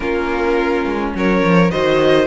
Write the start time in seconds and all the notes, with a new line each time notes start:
0.00 A#3 C#4 F4 A#4
0.85 G#3
1.14 F#3 A#4 C#5
1.42 F3
1.70 D#3 F#4 C5 D#5